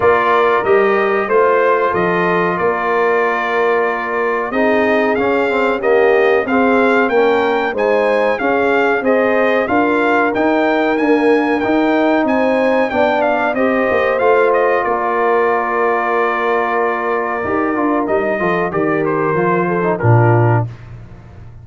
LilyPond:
<<
  \new Staff \with { instrumentName = "trumpet" } { \time 4/4 \tempo 4 = 93 d''4 dis''4 c''4 dis''4 | d''2. dis''4 | f''4 dis''4 f''4 g''4 | gis''4 f''4 dis''4 f''4 |
g''4 gis''4 g''4 gis''4 | g''8 f''8 dis''4 f''8 dis''8 d''4~ | d''1 | dis''4 d''8 c''4. ais'4 | }
  \new Staff \with { instrumentName = "horn" } { \time 4/4 ais'2 c''4 a'4 | ais'2. gis'4~ | gis'4 g'4 gis'4 ais'4 | c''4 gis'4 c''4 ais'4~ |
ais'2. c''4 | d''4 c''2 ais'4~ | ais'1~ | ais'8 a'8 ais'4. a'8 f'4 | }
  \new Staff \with { instrumentName = "trombone" } { \time 4/4 f'4 g'4 f'2~ | f'2. dis'4 | cis'8 c'8 ais4 c'4 cis'4 | dis'4 cis'4 gis'4 f'4 |
dis'4 ais4 dis'2 | d'4 g'4 f'2~ | f'2. g'8 f'8 | dis'8 f'8 g'4 f'8. dis'16 d'4 | }
  \new Staff \with { instrumentName = "tuba" } { \time 4/4 ais4 g4 a4 f4 | ais2. c'4 | cis'2 c'4 ais4 | gis4 cis'4 c'4 d'4 |
dis'4 d'4 dis'4 c'4 | b4 c'8 ais8 a4 ais4~ | ais2. dis'8 d'8 | g8 f8 dis4 f4 ais,4 | }
>>